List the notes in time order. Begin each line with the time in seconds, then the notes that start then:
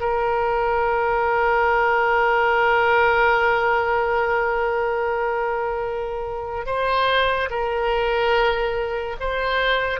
0.00 A#4
6.66 C5
7.50 A#4
9.20 C5